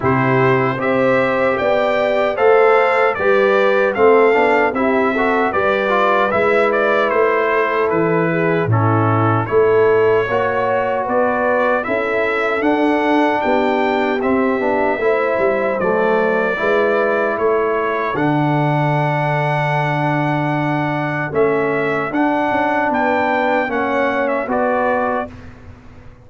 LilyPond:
<<
  \new Staff \with { instrumentName = "trumpet" } { \time 4/4 \tempo 4 = 76 c''4 e''4 g''4 f''4 | d''4 f''4 e''4 d''4 | e''8 d''8 c''4 b'4 a'4 | cis''2 d''4 e''4 |
fis''4 g''4 e''2 | d''2 cis''4 fis''4~ | fis''2. e''4 | fis''4 g''4 fis''8. e''16 d''4 | }
  \new Staff \with { instrumentName = "horn" } { \time 4/4 g'4 c''4 d''4 c''4 | b'4 a'4 g'8 a'8 b'4~ | b'4. a'4 gis'8 e'4 | a'4 cis''4 b'4 a'4~ |
a'4 g'2 c''4~ | c''4 b'4 a'2~ | a'1~ | a'4 b'4 cis''4 b'4 | }
  \new Staff \with { instrumentName = "trombone" } { \time 4/4 e'4 g'2 a'4 | g'4 c'8 d'8 e'8 fis'8 g'8 f'8 | e'2. cis'4 | e'4 fis'2 e'4 |
d'2 c'8 d'8 e'4 | a4 e'2 d'4~ | d'2. cis'4 | d'2 cis'4 fis'4 | }
  \new Staff \with { instrumentName = "tuba" } { \time 4/4 c4 c'4 b4 a4 | g4 a8 b8 c'4 g4 | gis4 a4 e4 a,4 | a4 ais4 b4 cis'4 |
d'4 b4 c'8 b8 a8 g8 | fis4 gis4 a4 d4~ | d2. a4 | d'8 cis'8 b4 ais4 b4 | }
>>